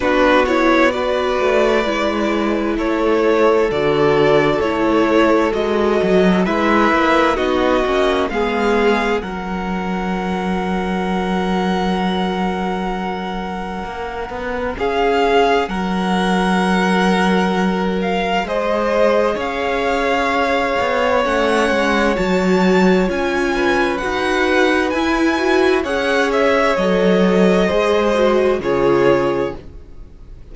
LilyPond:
<<
  \new Staff \with { instrumentName = "violin" } { \time 4/4 \tempo 4 = 65 b'8 cis''8 d''2 cis''4 | d''4 cis''4 dis''4 e''4 | dis''4 f''4 fis''2~ | fis''1 |
f''4 fis''2~ fis''8 f''8 | dis''4 f''2 fis''4 | a''4 gis''4 fis''4 gis''4 | fis''8 e''8 dis''2 cis''4 | }
  \new Staff \with { instrumentName = "violin" } { \time 4/4 fis'4 b'2 a'4~ | a'2. b'4 | fis'4 gis'4 ais'2~ | ais'1 |
gis'4 ais'2. | c''4 cis''2.~ | cis''4. b'2~ b'8 | cis''2 c''4 gis'4 | }
  \new Staff \with { instrumentName = "viola" } { \time 4/4 d'8 e'8 fis'4 e'2 | fis'4 e'4 fis'4 e'4 | dis'8 cis'8 b4 cis'2~ | cis'1~ |
cis'1 | gis'2. cis'4 | fis'4 f'4 fis'4 e'8 fis'8 | gis'4 a'4 gis'8 fis'8 f'4 | }
  \new Staff \with { instrumentName = "cello" } { \time 4/4 b4. a8 gis4 a4 | d4 a4 gis8 fis8 gis8 ais8 | b8 ais8 gis4 fis2~ | fis2. ais8 b8 |
cis'4 fis2. | gis4 cis'4. b8 a8 gis8 | fis4 cis'4 dis'4 e'4 | cis'4 fis4 gis4 cis4 | }
>>